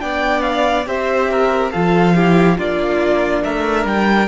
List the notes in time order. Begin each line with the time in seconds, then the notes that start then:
0.00 B3 D4 D5 G5
0.41 F5
0.86 C4 G4 C5 E5
1.31 A#4
1.71 F3 F4 A4 F5
2.15 E4 G4
2.57 A#3 D4 F4 D5
3.43 A3 A#4 E5
3.85 G3 G5